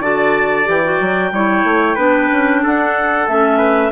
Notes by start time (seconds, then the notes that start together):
0.00 D3 F#4 D5 A5
0.65 E3 G4 G5
0.83 F#4
1.00 F#3
1.32 G3 E4 C#5
1.63 A3
1.95 B3 D4 B4
2.31 C#4
2.63 D4 A4 F#5
3.27 A3 C#4 E5
3.57 B4